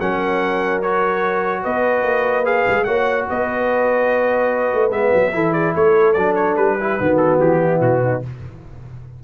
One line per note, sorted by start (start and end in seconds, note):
0.00 1.65 F#3
0.00 0.83 C#4
0.00 1.62 A#4
0.00 0.81 F#5
0.81 2.44 F#4
0.81 1.64 C#5
1.62 2.03 B3
1.62 2.85 B4
1.62 2.45 D#5
2.03 2.65 A#3
2.44 2.85 G#4
2.44 2.84 F5
2.67 2.86 G#3
2.84 3.27 A#3
2.84 4.91 F#4
2.84 3.26 C#5
2.84 3.25 F#5
3.29 4.74 B3
3.29 5.34 B4
3.29 4.91 D#5
4.74 4.90 A3
4.90 5.11 G#3
4.90 5.32 B3
4.90 5.52 E5
5.13 5.33 F#3
5.33 5.74 E3
5.33 6.15 E4
5.33 5.53 A4
5.52 5.74 G#4
5.52 5.73 D5
5.74 6.16 A3
5.74 6.77 A4
5.74 6.13 C#5
6.13 6.57 F#3
6.13 6.79 D4
6.13 6.33 D5
6.35 6.56 C#5
6.56 6.98 G3
6.56 7.17 B4
6.80 6.99 E4
6.80 7.00 G4
6.99 7.39 D#3
6.99 8.23 B3
6.99 7.62 F#4
7.17 7.37 A4
7.39 7.80 E3
7.39 7.81 G4
7.62 8.03 E4
7.81 8.22 B2
7.81 8.22 F#4
8.03 8.23 D#4